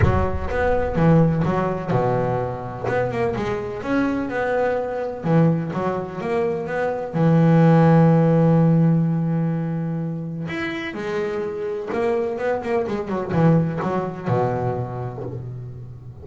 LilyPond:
\new Staff \with { instrumentName = "double bass" } { \time 4/4 \tempo 4 = 126 fis4 b4 e4 fis4 | b,2 b8 ais8 gis4 | cis'4 b2 e4 | fis4 ais4 b4 e4~ |
e1~ | e2 e'4 gis4~ | gis4 ais4 b8 ais8 gis8 fis8 | e4 fis4 b,2 | }